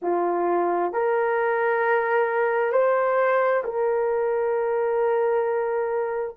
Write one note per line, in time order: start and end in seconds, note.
0.02 0.92 F4
0.92 2.72 A#4
2.72 3.63 C5
3.64 6.36 A#4